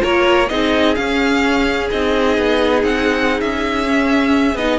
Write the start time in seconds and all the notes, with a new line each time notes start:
0.00 A#3 F4 A#4 C#5
0.49 C4 D#4 G#4 D#5
0.96 C#4 F5
1.91 C4 D#4 D#5
2.38 B3
2.84 C4 F#5
3.41 C#4 E5
3.85 C#4
4.55 B3 D#4 D#5